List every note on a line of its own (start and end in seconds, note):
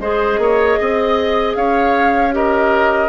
0.00 0.39 G#3
0.00 2.32 G#4
0.00 0.40 C5
0.00 1.56 D#5
0.39 0.78 A#3
0.39 0.80 C#5
0.80 1.56 C4
0.80 1.57 D#5
1.56 3.09 C#4
1.56 2.35 C#5
1.56 2.34 F5
2.32 3.09 G4
2.32 3.09 A#4
2.32 3.09 D#5